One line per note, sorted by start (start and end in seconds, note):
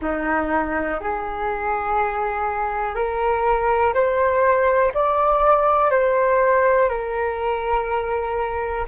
0.01 1.00 D#4
1.00 2.95 G#4
2.95 3.93 A#4
3.93 4.92 C5
4.94 5.90 D5
5.90 6.89 C5
6.89 8.86 A#4